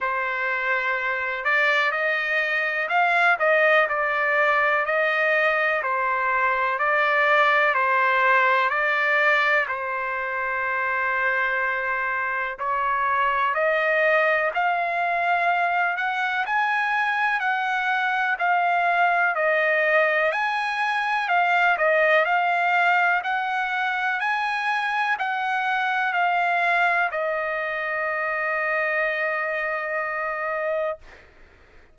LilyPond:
\new Staff \with { instrumentName = "trumpet" } { \time 4/4 \tempo 4 = 62 c''4. d''8 dis''4 f''8 dis''8 | d''4 dis''4 c''4 d''4 | c''4 d''4 c''2~ | c''4 cis''4 dis''4 f''4~ |
f''8 fis''8 gis''4 fis''4 f''4 | dis''4 gis''4 f''8 dis''8 f''4 | fis''4 gis''4 fis''4 f''4 | dis''1 | }